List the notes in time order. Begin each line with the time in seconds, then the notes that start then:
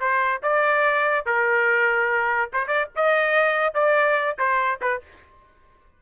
0.00 C5
0.42 D5
1.26 A#4
2.53 C5
2.67 D5
2.95 D#5
3.74 D5
4.38 C5
4.81 B4